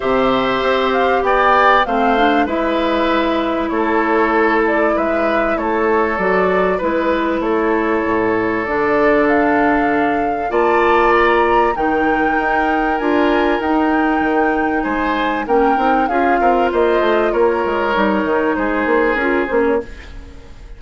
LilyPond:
<<
  \new Staff \with { instrumentName = "flute" } { \time 4/4 \tempo 4 = 97 e''4. f''8 g''4 f''4 | e''2 cis''4. d''8 | e''4 cis''4 d''4 b'4 | cis''2 d''4 f''4~ |
f''4 a''4 ais''4 g''4~ | g''4 gis''4 g''2 | gis''4 g''4 f''4 dis''4 | cis''2 c''4 ais'8 c''16 cis''16 | }
  \new Staff \with { instrumentName = "oboe" } { \time 4/4 c''2 d''4 c''4 | b'2 a'2 | b'4 a'2 b'4 | a'1~ |
a'4 d''2 ais'4~ | ais'1 | c''4 ais'4 gis'8 ais'8 c''4 | ais'2 gis'2 | }
  \new Staff \with { instrumentName = "clarinet" } { \time 4/4 g'2. c'8 d'8 | e'1~ | e'2 fis'4 e'4~ | e'2 d'2~ |
d'4 f'2 dis'4~ | dis'4 f'4 dis'2~ | dis'4 cis'8 dis'8 f'2~ | f'4 dis'2 f'8 cis'8 | }
  \new Staff \with { instrumentName = "bassoon" } { \time 4/4 c4 c'4 b4 a4 | gis2 a2 | gis4 a4 fis4 gis4 | a4 a,4 d2~ |
d4 ais2 dis4 | dis'4 d'4 dis'4 dis4 | gis4 ais8 c'8 cis'8 c'8 ais8 a8 | ais8 gis8 g8 dis8 gis8 ais8 cis'8 ais8 | }
>>